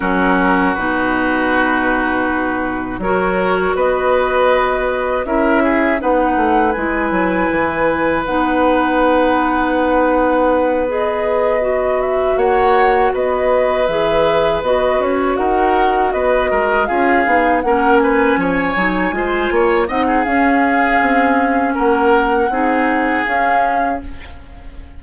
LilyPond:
<<
  \new Staff \with { instrumentName = "flute" } { \time 4/4 \tempo 4 = 80 ais'4 b'2. | cis''4 dis''2 e''4 | fis''4 gis''2 fis''4~ | fis''2~ fis''8 dis''4. |
e''8 fis''4 dis''4 e''4 dis''8 | cis''8 fis''4 dis''4 f''4 fis''8 | gis''2~ gis''8 fis''8 f''4~ | f''4 fis''2 f''4 | }
  \new Staff \with { instrumentName = "oboe" } { \time 4/4 fis'1 | ais'4 b'2 ais'8 gis'8 | b'1~ | b'1~ |
b'8 cis''4 b'2~ b'8~ | b'8 ais'4 b'8 ais'8 gis'4 ais'8 | b'8 cis''4 c''8 cis''8 dis''16 gis'4~ gis'16~ | gis'4 ais'4 gis'2 | }
  \new Staff \with { instrumentName = "clarinet" } { \time 4/4 cis'4 dis'2. | fis'2. e'4 | dis'4 e'2 dis'4~ | dis'2~ dis'8 gis'4 fis'8~ |
fis'2~ fis'8 gis'4 fis'8~ | fis'2~ fis'8 f'8 dis'8 cis'8~ | cis'4 dis'8 f'4 dis'8 cis'4~ | cis'2 dis'4 cis'4 | }
  \new Staff \with { instrumentName = "bassoon" } { \time 4/4 fis4 b,2. | fis4 b2 cis'4 | b8 a8 gis8 fis8 e4 b4~ | b1~ |
b8 ais4 b4 e4 b8 | cis'8 dis'4 b8 gis8 cis'8 b8 ais8~ | ais8 f8 fis8 gis8 ais8 c'8 cis'4 | c'4 ais4 c'4 cis'4 | }
>>